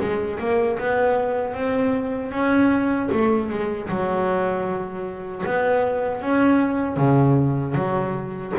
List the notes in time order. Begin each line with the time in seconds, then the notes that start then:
0.00 G#3
0.39 A#3
0.78 B3
1.54 C4
2.31 C#4
3.12 A3
3.50 G#3
3.89 F#3
5.46 B3
6.21 C#4
6.96 C#3
7.74 F#3